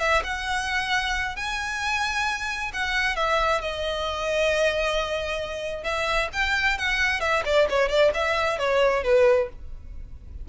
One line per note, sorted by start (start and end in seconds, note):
0.00 0.23 E5
0.24 1.36 F#5
1.36 2.72 G#5
2.74 3.16 F#5
3.16 3.62 E5
3.62 5.84 D#5
5.84 6.29 E5
6.33 6.78 G5
6.78 7.21 F#5
7.21 7.43 E5
7.46 7.68 D5
7.70 7.89 C#5
7.89 8.12 D5
8.14 8.59 E5
8.59 9.04 C#5
9.04 9.49 B4